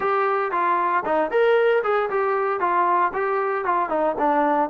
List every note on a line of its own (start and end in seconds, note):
0.00 0.51 G4
0.51 1.03 F4
1.05 1.30 D#4
1.30 1.82 A#4
1.83 2.09 G#4
2.10 2.59 G4
2.59 3.12 F4
3.13 3.65 G4
3.65 3.89 F4
3.89 4.15 D#4
4.18 4.69 D4